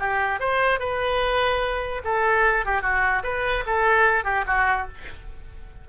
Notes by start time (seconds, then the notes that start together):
0.00 G4
0.40 C5
0.80 B4
2.05 A4
2.66 G4
2.82 F#4
3.24 B4
3.67 A4
4.25 G4
4.47 F#4